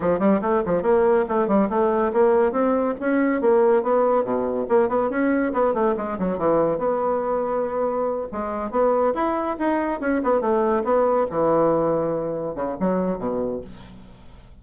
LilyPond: \new Staff \with { instrumentName = "bassoon" } { \time 4/4 \tempo 4 = 141 f8 g8 a8 f8 ais4 a8 g8 | a4 ais4 c'4 cis'4 | ais4 b4 b,4 ais8 b8 | cis'4 b8 a8 gis8 fis8 e4 |
b2.~ b8 gis8~ | gis8 b4 e'4 dis'4 cis'8 | b8 a4 b4 e4.~ | e4. cis8 fis4 b,4 | }